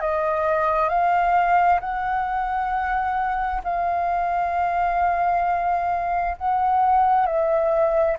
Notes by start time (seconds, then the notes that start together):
0.00 D#5
0.88 F5
1.80 F#5
3.64 F5
6.37 F#5
7.26 E5